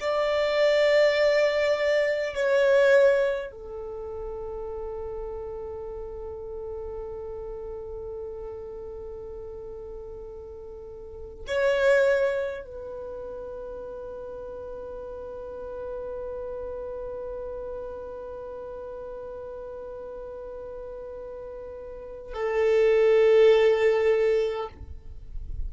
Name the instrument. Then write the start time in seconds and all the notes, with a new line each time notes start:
violin
0.00 D5
2.35 C#5
3.51 A4
11.47 C#5
12.64 B4
22.34 A4